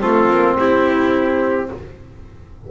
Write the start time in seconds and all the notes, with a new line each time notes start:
0.00 A3 C4 F4 A4
0.31 A#3
0.59 C4 E4 G4